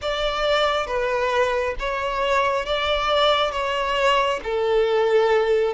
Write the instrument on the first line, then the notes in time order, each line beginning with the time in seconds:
violin
0.01 D5
0.87 B4
1.79 C#5
2.65 D5
3.51 C#5
4.44 A4